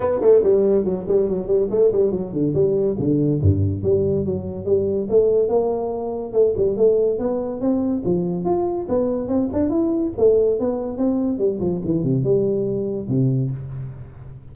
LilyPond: \new Staff \with { instrumentName = "tuba" } { \time 4/4 \tempo 4 = 142 b8 a8 g4 fis8 g8 fis8 g8 | a8 g8 fis8 d8 g4 d4 | g,4 g4 fis4 g4 | a4 ais2 a8 g8 |
a4 b4 c'4 f4 | f'4 b4 c'8 d'8 e'4 | a4 b4 c'4 g8 f8 | e8 c8 g2 c4 | }